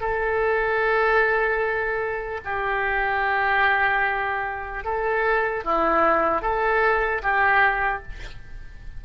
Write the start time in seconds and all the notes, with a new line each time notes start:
0.00 A4
2.44 G4
4.84 A4
5.64 E4
6.41 A4
7.23 G4